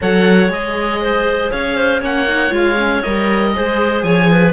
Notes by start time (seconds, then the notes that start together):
0.01 F#3 A4 C#5 F#5
0.49 G#3 G#4 D#5
1.02 C5
1.51 C#4 C#5 F5
1.76 C5
2.00 A#3 C#4 C#5 F#5
2.28 D#4
2.50 G#3 F4 F5
2.77 C#4
3.02 G3 A#4 D#5
3.55 G#3 G#4 C5
4.02 F3 C#5 G#5
4.31 B4